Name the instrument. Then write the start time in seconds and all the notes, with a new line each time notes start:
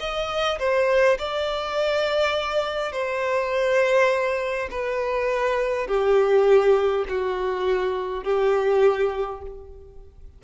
violin
0.00 D#5
0.59 C5
1.19 D5
2.93 C5
4.71 B4
5.87 G4
7.09 F#4
8.24 G4